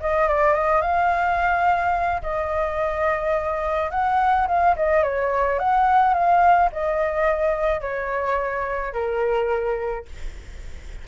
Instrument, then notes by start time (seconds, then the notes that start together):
flute
0.00 D#5
0.28 D5
0.54 D#5
0.82 F5
2.22 D#5
3.91 F#5
4.47 F5
4.76 D#5
5.03 C#5
5.59 F#5
6.14 F5
6.72 D#5
7.81 C#5
8.93 A#4